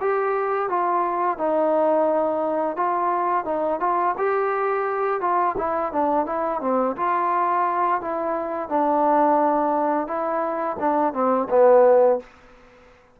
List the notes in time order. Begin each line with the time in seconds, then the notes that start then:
0.00 G4
0.69 F4
1.38 D#4
2.76 F4
3.45 D#4
3.80 F4
4.17 G4
5.20 F4
5.58 E4
5.92 D4
6.26 E4
6.61 C4
6.96 F4
8.01 E4
8.69 D4
10.07 E4
10.79 D4
11.13 C4
11.50 B3